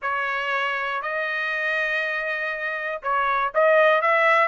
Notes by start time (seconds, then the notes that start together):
0.02 C#5
1.02 D#5
3.02 C#5
3.54 D#5
4.01 E5